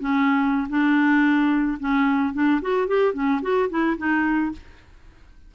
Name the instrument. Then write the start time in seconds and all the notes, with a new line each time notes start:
clarinet
0.00 C#4
0.69 D4
1.80 C#4
2.34 D4
2.62 F#4
2.88 G4
3.14 C#4
3.42 F#4
3.70 E4
3.98 D#4